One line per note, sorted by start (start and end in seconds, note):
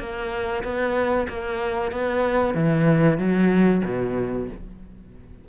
0.00 0.64 A#3
0.64 1.28 B3
1.29 1.92 A#3
1.92 2.55 B3
2.55 3.19 E3
3.19 3.82 F#3
3.85 4.49 B2